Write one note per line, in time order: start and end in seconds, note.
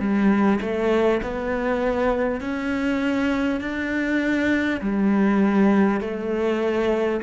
0.00 0.60 G3
0.62 1.22 A3
1.23 2.41 B3
2.41 3.61 C#4
3.61 4.81 D4
4.82 6.01 G3
6.01 7.21 A3